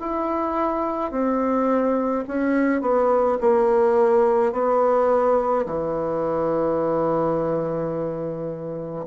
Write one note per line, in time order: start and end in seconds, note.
0.00 1.11 E4
1.11 2.24 C4
2.27 2.81 C#4
2.81 3.38 B3
3.41 4.52 A#3
4.52 5.66 B3
5.66 9.05 E3